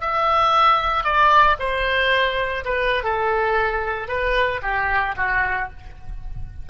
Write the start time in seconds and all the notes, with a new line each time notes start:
0.00 E5
1.04 D5
1.59 C5
2.64 B4
3.03 A4
4.08 B4
4.62 G4
5.17 F#4